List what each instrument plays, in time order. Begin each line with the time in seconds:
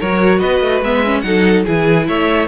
0.00 cello F#3, viola F#4, violin A#4 C#5
0.39 cello B3, violin B4 D#5
0.61 cello A3
0.81 cello G#3, viola B3, violin E5
1.05 viola C#4
1.21 cello F#3, viola D#4, violin A4 F#5
1.65 cello E3, viola E4, violin G#4 G#5
2.08 cello A3, violin C#5 E5